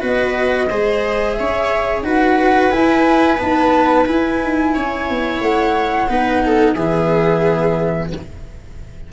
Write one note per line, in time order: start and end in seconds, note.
0.00 0.70 B3
0.00 0.67 F#4
0.00 0.68 B4
0.00 1.32 D#5
0.70 1.39 G#3
0.70 2.04 G#4
0.70 1.37 C5
1.32 2.00 E5
1.39 2.02 C#4
1.39 2.04 C#5
2.02 2.69 D#4
2.02 2.71 F#4
2.02 4.74 B4
2.02 2.71 F#5
2.71 3.38 E4
2.71 3.40 E4
2.71 3.38 G#5
3.38 4.05 B3
3.38 4.08 D#4
3.38 4.06 A5
4.05 6.08 E4
4.05 4.42 E4
4.05 5.41 G#5
4.42 4.76 D#4
4.74 5.09 C#4
4.74 6.09 C#5
5.09 5.40 B3
5.40 6.08 A3
5.40 6.74 F#5
6.09 6.75 B3
6.09 6.76 D#4
6.09 6.43 B4
6.45 6.74 A4
6.74 8.10 E3
6.74 8.12 B3
6.74 8.09 G#4
6.74 8.09 E5